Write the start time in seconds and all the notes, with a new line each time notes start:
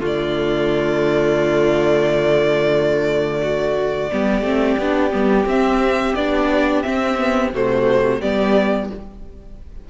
0.00 D3 A3 F4
0.06 D5
3.42 F#4
4.12 G3 B3 G4
4.42 A3 C4
4.78 B3 D4
5.11 G3 B3
5.45 C4 E5
6.15 B3 D4 D5
6.82 C4 E5
7.18 B3
7.52 C3 A3 F#4 C5
8.20 G3 B3 G4 D5